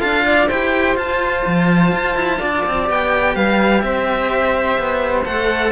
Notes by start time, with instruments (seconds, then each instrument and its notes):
0.00 cello D4 F4, flute A4, violin F5
0.26 flute D5
0.49 cello E4 G4, flute C5, violin G5
0.96 cello F4, violin A5
1.46 cello F3
1.92 cello F4
2.16 cello E4
2.39 cello D4, flute D5
2.67 cello C4
2.84 cello B3 G4
2.91 violin G5
3.35 cello G3, flute B4, violin F5
3.81 cello C4, flute C5, violin E5
4.79 cello B3
5.25 cello A3 A4, violin F#5